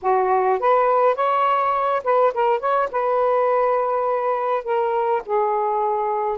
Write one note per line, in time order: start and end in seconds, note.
0.02 0.59 F#4
0.59 1.15 B4
1.15 2.02 C#5
2.04 2.33 B4
2.34 2.59 A#4
2.59 2.88 C#5
2.91 4.64 B4
4.64 5.22 A#4
5.26 6.38 G#4